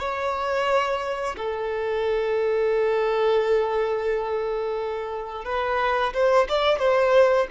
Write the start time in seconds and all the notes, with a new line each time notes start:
0.00 C#5
1.37 A4
5.45 B4
6.14 C5
6.49 D5
6.79 C5